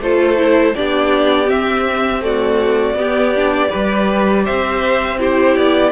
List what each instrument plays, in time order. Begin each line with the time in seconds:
0.00 cello A3, viola F4, violin A4 C5
0.37 viola E4
0.75 cello B3, viola D4, violin G4 D5
1.46 viola C4, cello C4, violin E5
2.21 viola A3, violin F#4 D5
2.94 cello B3, viola B3, violin G4
3.35 viola D4
3.68 viola G4, violin B4
3.74 cello G3
4.44 cello C4, violin C5 E5
5.18 viola E4, violin G4 C5
5.56 cello B3, violin D5